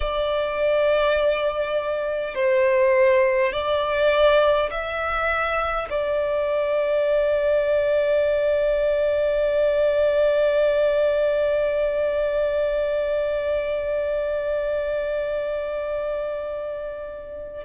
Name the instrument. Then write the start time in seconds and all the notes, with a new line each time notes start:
violin
0.00 D5
2.35 C5
3.52 D5
4.71 E5
5.90 D5